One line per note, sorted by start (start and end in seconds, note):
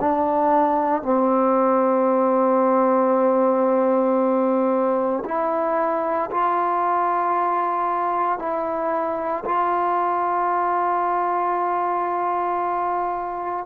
0.00 1.02 D4
1.02 5.23 C4
5.24 6.30 E4
6.31 8.39 F4
8.39 9.44 E4
9.45 13.66 F4